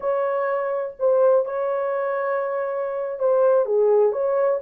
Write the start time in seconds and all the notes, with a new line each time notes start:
0.00 C#5
0.99 C5
1.45 C#5
3.19 C5
3.65 G#4
4.12 C#5